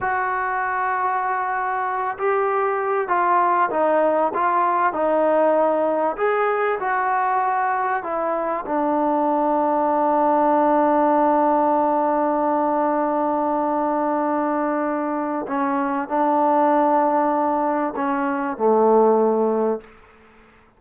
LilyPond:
\new Staff \with { instrumentName = "trombone" } { \time 4/4 \tempo 4 = 97 fis'2.~ fis'8 g'8~ | g'4 f'4 dis'4 f'4 | dis'2 gis'4 fis'4~ | fis'4 e'4 d'2~ |
d'1~ | d'1~ | d'4 cis'4 d'2~ | d'4 cis'4 a2 | }